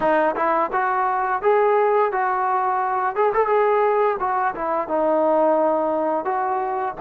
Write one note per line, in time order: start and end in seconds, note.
0.00 0.35 D#4
0.36 0.70 E4
0.72 1.42 F#4
1.42 2.12 G#4
2.12 3.15 F#4
3.15 3.33 G#4
3.33 3.47 A4
3.47 4.16 G#4
4.19 4.54 F#4
4.54 4.88 E4
4.88 6.24 D#4
6.24 6.94 F#4